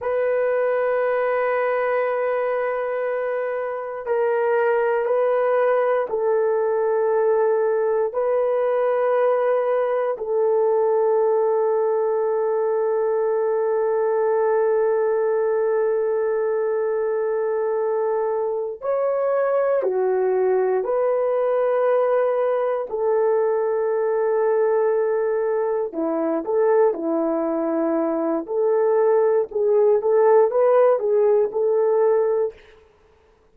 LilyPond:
\new Staff \with { instrumentName = "horn" } { \time 4/4 \tempo 4 = 59 b'1 | ais'4 b'4 a'2 | b'2 a'2~ | a'1~ |
a'2~ a'8 cis''4 fis'8~ | fis'8 b'2 a'4.~ | a'4. e'8 a'8 e'4. | a'4 gis'8 a'8 b'8 gis'8 a'4 | }